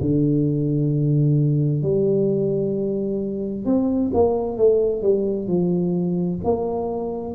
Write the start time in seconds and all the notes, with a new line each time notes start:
0.00 D3
1.82 G3
3.65 C4
4.13 A#3
4.57 A3
5.02 G3
5.47 F3
6.44 A#3